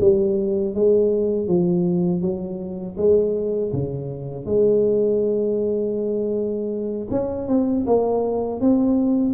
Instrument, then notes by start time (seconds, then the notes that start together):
tuba
0.00 G3
0.74 G#3
1.47 F3
2.21 F#3
2.97 G#3
3.72 C#3
4.45 G#3
7.10 C#4
7.47 C4
7.86 A#3
8.60 C4